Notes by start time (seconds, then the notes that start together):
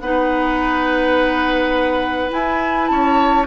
0.00 B3 D#4 B4 F#5
2.30 E4 G#5
2.88 C#4 C#5 A5